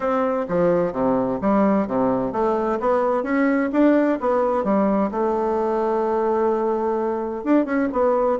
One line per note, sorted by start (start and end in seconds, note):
0.00 0.45 C4
0.48 0.92 F3
0.92 1.39 C3
1.41 1.87 G3
1.87 2.32 C3
2.32 2.78 A3
2.80 3.23 B3
3.23 3.70 C#4
3.72 4.18 D4
4.20 4.64 B3
4.64 5.10 G3
5.11 7.44 A3
7.44 7.65 D4
7.65 7.88 C#4
7.92 8.38 B3